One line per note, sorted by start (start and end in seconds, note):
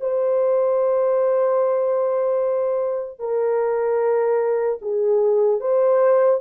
0.00 3.19 C5
3.19 4.79 A#4
4.81 5.60 G#4
5.60 6.40 C5